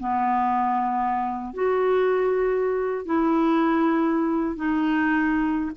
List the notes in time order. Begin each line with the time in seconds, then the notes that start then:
0.00 B3
1.54 F#4
3.06 E4
4.56 D#4